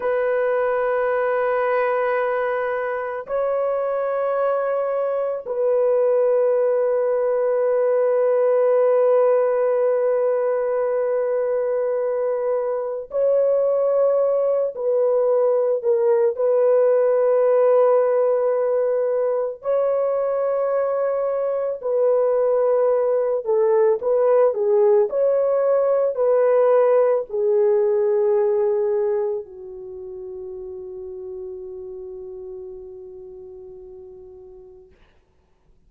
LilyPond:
\new Staff \with { instrumentName = "horn" } { \time 4/4 \tempo 4 = 55 b'2. cis''4~ | cis''4 b'2.~ | b'1 | cis''4. b'4 ais'8 b'4~ |
b'2 cis''2 | b'4. a'8 b'8 gis'8 cis''4 | b'4 gis'2 fis'4~ | fis'1 | }